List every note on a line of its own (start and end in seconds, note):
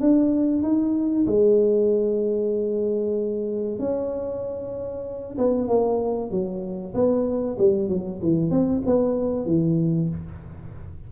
0.00 0.63 D4
0.63 1.26 D#4
1.26 3.79 G#3
3.79 5.37 C#4
5.38 5.68 B3
5.68 6.31 A#3
6.31 6.94 F#3
6.94 7.57 B3
7.58 7.89 G3
7.89 8.20 F#3
8.22 8.51 E3
8.51 8.82 C4
8.86 9.46 B3
9.46 10.09 E3